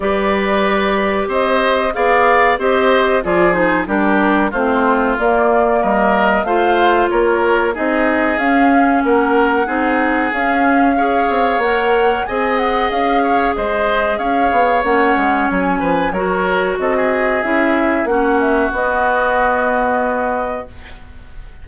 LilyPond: <<
  \new Staff \with { instrumentName = "flute" } { \time 4/4 \tempo 4 = 93 d''2 dis''4 f''4 | dis''4 d''8 c''8 ais'4 c''4 | d''4 dis''4 f''4 cis''4 | dis''4 f''4 fis''2 |
f''2 fis''4 gis''8 fis''8 | f''4 dis''4 f''4 fis''4 | gis''4 cis''4 dis''4 e''4 | fis''8 e''8 dis''2. | }
  \new Staff \with { instrumentName = "oboe" } { \time 4/4 b'2 c''4 d''4 | c''4 gis'4 g'4 f'4~ | f'4 ais'4 c''4 ais'4 | gis'2 ais'4 gis'4~ |
gis'4 cis''2 dis''4~ | dis''8 cis''8 c''4 cis''2~ | cis''8 b'8 ais'4 a'16 gis'4.~ gis'16 | fis'1 | }
  \new Staff \with { instrumentName = "clarinet" } { \time 4/4 g'2. gis'4 | g'4 f'8 dis'8 d'4 c'4 | ais2 f'2 | dis'4 cis'2 dis'4 |
cis'4 gis'4 ais'4 gis'4~ | gis'2. cis'4~ | cis'4 fis'2 e'4 | cis'4 b2. | }
  \new Staff \with { instrumentName = "bassoon" } { \time 4/4 g2 c'4 b4 | c'4 f4 g4 a4 | ais4 g4 a4 ais4 | c'4 cis'4 ais4 c'4 |
cis'4. c'8 ais4 c'4 | cis'4 gis4 cis'8 b8 ais8 gis8 | fis8 f8 fis4 c'4 cis'4 | ais4 b2. | }
>>